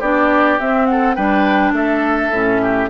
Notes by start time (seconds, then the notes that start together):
0.00 B3 D4 G4 D5
0.59 C4 E5
0.86 A4 F#5
1.15 G3 D4 B4 G5
1.72 A3 A4 E5
2.31 A2 C#4
2.62 G4